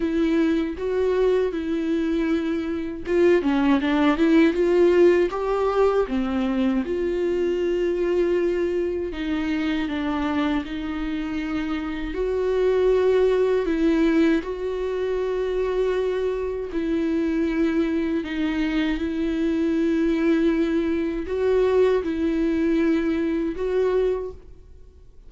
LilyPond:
\new Staff \with { instrumentName = "viola" } { \time 4/4 \tempo 4 = 79 e'4 fis'4 e'2 | f'8 cis'8 d'8 e'8 f'4 g'4 | c'4 f'2. | dis'4 d'4 dis'2 |
fis'2 e'4 fis'4~ | fis'2 e'2 | dis'4 e'2. | fis'4 e'2 fis'4 | }